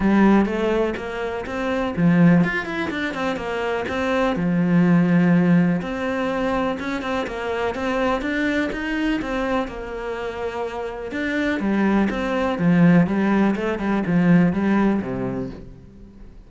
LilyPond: \new Staff \with { instrumentName = "cello" } { \time 4/4 \tempo 4 = 124 g4 a4 ais4 c'4 | f4 f'8 e'8 d'8 c'8 ais4 | c'4 f2. | c'2 cis'8 c'8 ais4 |
c'4 d'4 dis'4 c'4 | ais2. d'4 | g4 c'4 f4 g4 | a8 g8 f4 g4 c4 | }